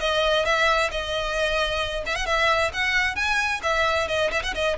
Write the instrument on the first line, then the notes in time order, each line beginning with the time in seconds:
violin
0.00 D#5
0.45 E5
0.91 D#5
2.06 E5
2.16 F#5
2.26 E5
2.73 F#5
3.16 G#5
3.63 E5
4.08 D#5
4.31 E5
4.43 F#5
4.54 D#5